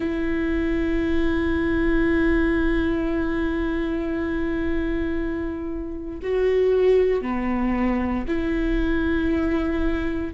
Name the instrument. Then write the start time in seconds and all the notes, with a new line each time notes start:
viola
0.00 E4
6.22 F#4
7.21 B3
8.27 E4